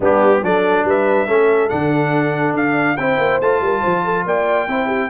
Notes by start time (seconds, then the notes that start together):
0.00 G3 B3 D4 G4
0.42 F#3 D4 A4 D5
0.84 G3 B4 E5
1.27 A3 C#4 A4
1.69 D3 D4 F#5
2.53 D4 F5
2.96 C4 E4 C5 G5
3.18 A#3
3.40 A3 F4 A5
3.60 G3 A#4
3.81 F3 C5
4.04 A4
4.25 A#3 D5 G5
4.67 C4 E4 C5
4.86 G4